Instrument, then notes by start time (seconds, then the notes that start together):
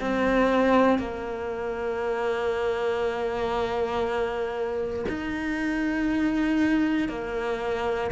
cello
0.00 C4
0.98 A#3
5.08 D#4
7.09 A#3